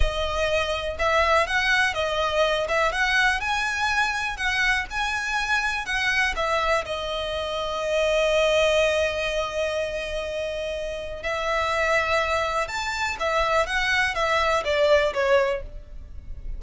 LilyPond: \new Staff \with { instrumentName = "violin" } { \time 4/4 \tempo 4 = 123 dis''2 e''4 fis''4 | dis''4. e''8 fis''4 gis''4~ | gis''4 fis''4 gis''2 | fis''4 e''4 dis''2~ |
dis''1~ | dis''2. e''4~ | e''2 a''4 e''4 | fis''4 e''4 d''4 cis''4 | }